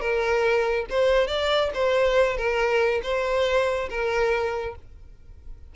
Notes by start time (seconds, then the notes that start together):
0.00 A#4
0.90 C5
1.27 D5
1.74 C5
2.37 A#4
3.03 C5
3.89 A#4